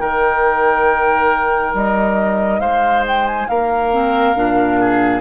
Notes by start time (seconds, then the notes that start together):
0.00 D#3 D#4 A#4 G5
1.74 G3 D#5
2.60 G#3 C5 F5
3.07 G5
3.27 G#5
3.48 A#3 A#4 F5
3.91 C4
4.35 A#2 D4
4.80 G#4